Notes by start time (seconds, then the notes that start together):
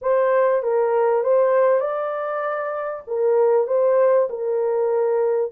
0.01 C5
0.62 A#4
1.23 C5
1.80 D5
3.07 A#4
3.67 C5
4.29 A#4